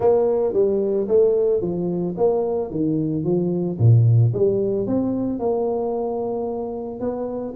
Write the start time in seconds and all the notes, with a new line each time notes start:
0.00 A#3
0.53 G3
1.07 A3
1.61 F3
2.17 A#3
2.70 D#3
3.24 F3
3.78 A#2
4.33 G3
4.86 C4
5.39 A#3
7.00 B3